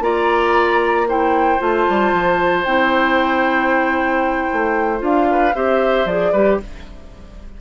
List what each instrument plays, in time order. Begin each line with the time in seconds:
0.00 bassoon A#3, clarinet F4, oboe D5, flute A#5
1.08 clarinet E4, oboe C5, flute G5
1.59 bassoon A3, clarinet F4, flute A5
1.89 bassoon G3
2.13 bassoon F3
2.64 bassoon C4, clarinet E4, flute G5
4.52 bassoon A3
4.98 bassoon D4, clarinet F4, flute F5
5.31 oboe B4
5.55 bassoon C4, clarinet G4, oboe C5, flute E5
6.05 bassoon F3, clarinet G#4, flute D5
6.32 bassoon G3, clarinet G4, oboe B4